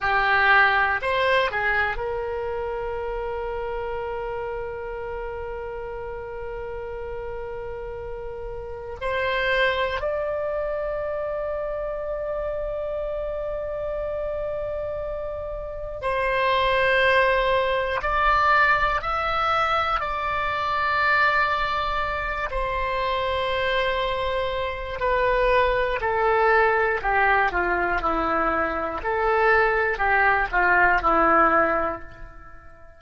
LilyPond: \new Staff \with { instrumentName = "oboe" } { \time 4/4 \tempo 4 = 60 g'4 c''8 gis'8 ais'2~ | ais'1~ | ais'4 c''4 d''2~ | d''1 |
c''2 d''4 e''4 | d''2~ d''8 c''4.~ | c''4 b'4 a'4 g'8 f'8 | e'4 a'4 g'8 f'8 e'4 | }